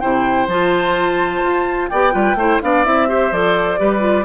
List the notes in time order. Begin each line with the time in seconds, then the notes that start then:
0.00 C3 E4 C5 G5
0.48 F3 F4 A5
1.43 F4
1.89 B3 G4 D5 G5
2.12 G3 F4 B4
2.35 A3 E4 C5
2.62 B3 D4 D5 F5
2.85 C4 E4 E5
3.08 G4 C5
3.32 F3 A4 D5
3.79 G3 G4 B4
4.00 F4